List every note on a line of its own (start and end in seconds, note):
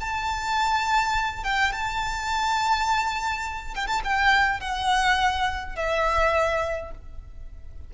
0.00 1.43 A5
1.43 1.72 G5
1.72 3.74 A5
3.75 3.87 G5
3.87 4.01 A5
4.04 4.60 G5
4.60 5.75 F#5
5.75 6.91 E5